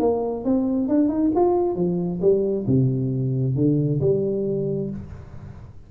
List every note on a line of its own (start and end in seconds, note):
0.00 0.45 A#3
0.45 0.89 C4
0.89 1.09 D4
1.09 1.31 D#4
1.36 1.76 F4
1.76 2.20 F3
2.21 2.66 G3
2.67 3.56 C3
3.56 4.01 D3
4.01 4.91 G3